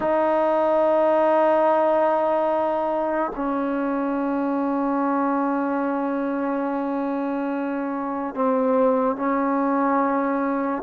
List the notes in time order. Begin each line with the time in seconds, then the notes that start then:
0.00 D#4
3.35 C#4
8.34 C4
9.16 C#4